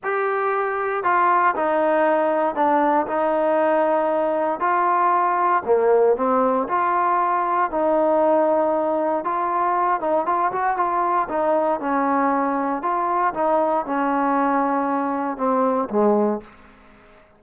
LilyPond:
\new Staff \with { instrumentName = "trombone" } { \time 4/4 \tempo 4 = 117 g'2 f'4 dis'4~ | dis'4 d'4 dis'2~ | dis'4 f'2 ais4 | c'4 f'2 dis'4~ |
dis'2 f'4. dis'8 | f'8 fis'8 f'4 dis'4 cis'4~ | cis'4 f'4 dis'4 cis'4~ | cis'2 c'4 gis4 | }